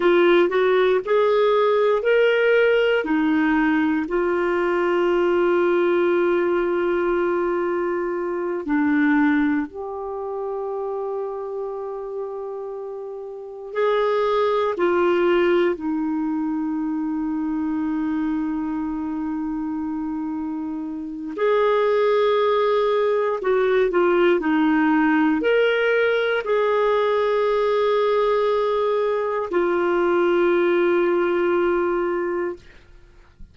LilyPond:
\new Staff \with { instrumentName = "clarinet" } { \time 4/4 \tempo 4 = 59 f'8 fis'8 gis'4 ais'4 dis'4 | f'1~ | f'8 d'4 g'2~ g'8~ | g'4. gis'4 f'4 dis'8~ |
dis'1~ | dis'4 gis'2 fis'8 f'8 | dis'4 ais'4 gis'2~ | gis'4 f'2. | }